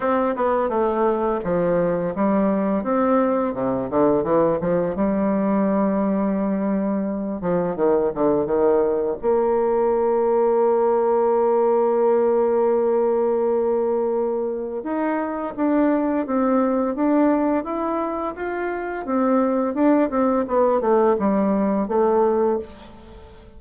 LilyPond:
\new Staff \with { instrumentName = "bassoon" } { \time 4/4 \tempo 4 = 85 c'8 b8 a4 f4 g4 | c'4 c8 d8 e8 f8 g4~ | g2~ g8 f8 dis8 d8 | dis4 ais2.~ |
ais1~ | ais4 dis'4 d'4 c'4 | d'4 e'4 f'4 c'4 | d'8 c'8 b8 a8 g4 a4 | }